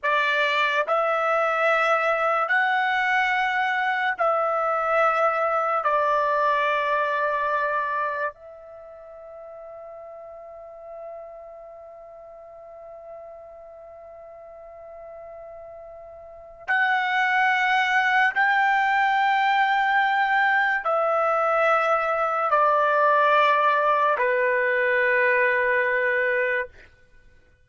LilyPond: \new Staff \with { instrumentName = "trumpet" } { \time 4/4 \tempo 4 = 72 d''4 e''2 fis''4~ | fis''4 e''2 d''4~ | d''2 e''2~ | e''1~ |
e''1 | fis''2 g''2~ | g''4 e''2 d''4~ | d''4 b'2. | }